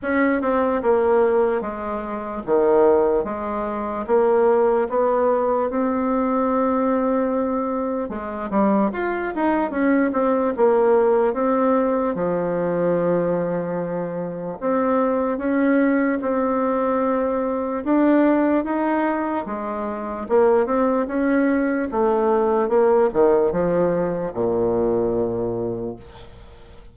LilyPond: \new Staff \with { instrumentName = "bassoon" } { \time 4/4 \tempo 4 = 74 cis'8 c'8 ais4 gis4 dis4 | gis4 ais4 b4 c'4~ | c'2 gis8 g8 f'8 dis'8 | cis'8 c'8 ais4 c'4 f4~ |
f2 c'4 cis'4 | c'2 d'4 dis'4 | gis4 ais8 c'8 cis'4 a4 | ais8 dis8 f4 ais,2 | }